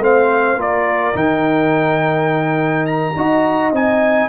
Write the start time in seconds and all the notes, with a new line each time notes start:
0.00 A3 C4 C5 F5
0.56 A#3 F4 A#4 D5
1.14 D#3 D#4 G5
2.86 A#5
3.16 D#4 F#4 D#5
3.73 C4 D#4 G#5